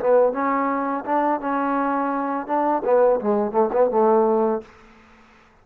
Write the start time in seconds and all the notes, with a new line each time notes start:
0.00 B3
0.33 C#4
1.05 D4
1.40 C#4
2.46 D4
2.84 B3
3.20 G#3
3.51 A3
3.72 B3
3.90 A3